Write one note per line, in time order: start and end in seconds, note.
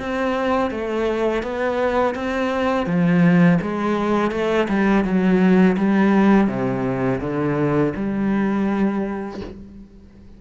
0.00 0.71 C4
0.71 1.43 A3
1.43 2.15 B3
2.15 2.87 C4
2.87 3.59 F3
3.62 4.32 G#3
4.32 4.68 A3
4.69 5.05 G3
5.05 5.77 F#3
5.78 6.48 G3
6.48 7.20 C3
7.21 7.94 D3
7.96 9.41 G3